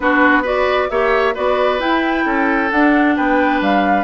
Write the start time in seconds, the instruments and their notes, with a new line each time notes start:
0.00 bassoon B3, clarinet D4, oboe F#4, flute B4
0.42 clarinet F#4, oboe B4, flute D5
0.90 bassoon A#3, clarinet G4, oboe C#5, flute E5
1.34 bassoon B3, clarinet F#4, oboe B4, flute D5
1.79 bassoon E4, clarinet E4, flute G5
2.25 bassoon C#4, oboe A4
2.71 bassoon D4, clarinet D4, flute F#5
3.16 bassoon B3, oboe B4, flute G5
3.61 bassoon G3, flute F5